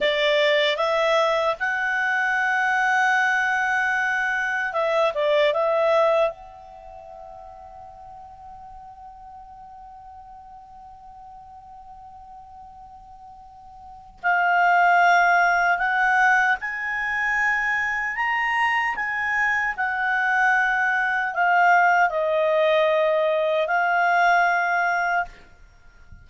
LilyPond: \new Staff \with { instrumentName = "clarinet" } { \time 4/4 \tempo 4 = 76 d''4 e''4 fis''2~ | fis''2 e''8 d''8 e''4 | fis''1~ | fis''1~ |
fis''2 f''2 | fis''4 gis''2 ais''4 | gis''4 fis''2 f''4 | dis''2 f''2 | }